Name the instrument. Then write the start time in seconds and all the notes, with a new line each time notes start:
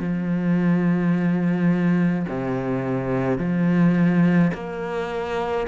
cello
0.00 F3
2.28 C3
3.39 F3
4.54 A#3